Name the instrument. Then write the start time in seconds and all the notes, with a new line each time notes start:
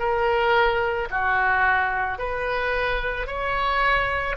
oboe
0.00 A#4
1.11 F#4
2.19 B4
3.27 C#5